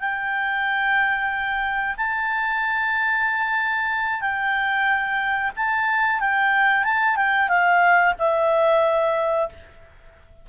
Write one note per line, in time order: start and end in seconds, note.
0.00 1.96 G5
1.97 4.21 A5
4.21 5.51 G5
5.56 6.20 A5
6.20 6.83 G5
6.83 7.16 A5
7.16 7.48 G5
7.48 8.13 F5
8.18 9.49 E5